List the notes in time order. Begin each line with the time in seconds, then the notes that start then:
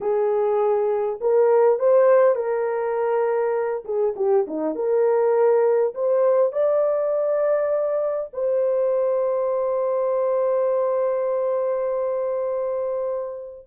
0.00 G#4
1.20 A#4
1.79 C5
2.35 A#4
3.84 G#4
4.16 G4
4.47 D#4
4.75 A#4
5.94 C5
6.52 D5
8.33 C5